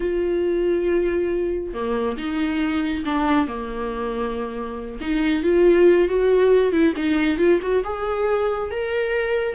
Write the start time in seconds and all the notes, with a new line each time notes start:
0.00 F4
1.73 A#3
2.17 D#4
3.05 D4
3.47 A#3
5.01 D#4
5.43 F4
6.08 F#4
6.72 E4
6.96 D#4
7.38 F4
7.61 F#4
7.83 G#4
8.71 A#4